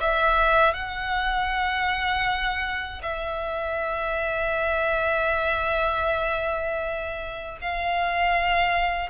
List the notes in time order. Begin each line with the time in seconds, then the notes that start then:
0.00 E5
0.74 F#5
3.02 E5
7.61 F5